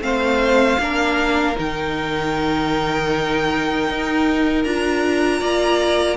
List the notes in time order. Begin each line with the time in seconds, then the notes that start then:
0.00 A3 C4 C5 F5
0.78 A#3 D4 A#4
1.55 D#3 D#4 G5
3.89 D#4
4.63 D4 F4 A#5
5.40 A#3 D5